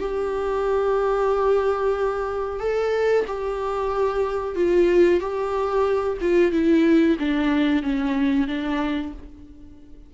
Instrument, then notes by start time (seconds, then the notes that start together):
viola
0.00 G4
2.60 A4
3.27 G4
4.55 F4
5.20 G4
6.21 F4
6.52 E4
7.19 D4
7.83 C#4
8.48 D4